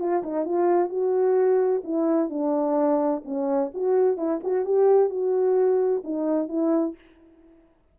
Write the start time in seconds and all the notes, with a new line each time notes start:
0.00 F4
0.23 D#4
0.45 F4
0.89 F#4
1.84 E4
2.30 D4
3.25 C#4
3.74 F#4
4.18 E4
4.44 F#4
4.65 G4
5.10 F#4
6.04 D#4
6.49 E4